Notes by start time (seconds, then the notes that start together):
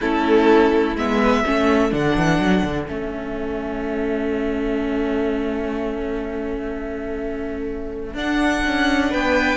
0.00 A3 C#4 E4 A4
0.95 G#3 B3 E5
1.21 B4
1.45 A3 C#4 A4
1.90 D3 D4 F#5
2.16 E3
2.39 F#3
2.64 D3
2.87 A3 C#4 E5
8.14 D4 F#5
8.66 C#4
9.10 B3 B4 G5